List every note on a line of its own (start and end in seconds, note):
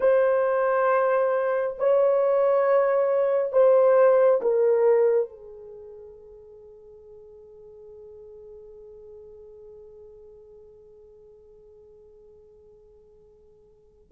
0.00 1.76 C5
1.78 3.52 C#5
3.52 4.40 C5
4.41 5.29 A#4
5.29 14.11 G#4